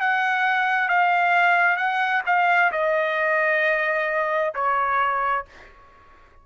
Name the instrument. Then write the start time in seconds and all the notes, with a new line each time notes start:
trumpet
0.00 F#5
0.88 F5
1.76 F#5
2.26 F5
2.71 D#5
4.54 C#5